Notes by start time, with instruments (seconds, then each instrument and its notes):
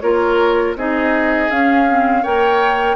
0.00 bassoon A#3, clarinet F4, oboe A#4, flute C#5
0.75 bassoon C4, clarinet D#4, oboe G#4, flute D#5
1.50 bassoon C#4, clarinet C#4, flute F5
1.88 clarinet C4
2.22 bassoon A#3, clarinet A#4, oboe C#5, flute G5